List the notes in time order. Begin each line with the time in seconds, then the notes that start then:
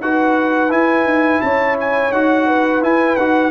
0.00 D#4 F#4 B4 F#5
0.70 E4 G#5
1.04 D#4
1.41 C#4 C#5 A5
1.80 G#5
2.11 D#4 F#4 F#5
2.46 B4
2.82 E4 G#5
3.16 D#4 F#4 F#5